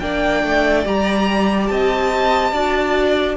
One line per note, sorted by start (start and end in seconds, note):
0.00 0.43 A#3
0.00 0.85 D4
0.00 1.71 D5
0.00 0.85 G5
0.43 0.86 A3
0.85 1.70 G3
0.85 2.54 G4
0.85 1.68 A#5
1.68 2.53 C4
1.68 2.53 D#5
1.68 3.37 A5
2.53 3.37 D4
2.53 3.37 F#4
2.53 3.37 D5